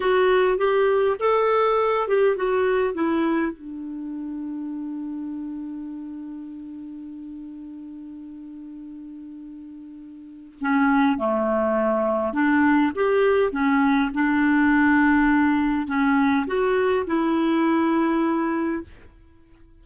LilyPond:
\new Staff \with { instrumentName = "clarinet" } { \time 4/4 \tempo 4 = 102 fis'4 g'4 a'4. g'8 | fis'4 e'4 d'2~ | d'1~ | d'1~ |
d'2 cis'4 a4~ | a4 d'4 g'4 cis'4 | d'2. cis'4 | fis'4 e'2. | }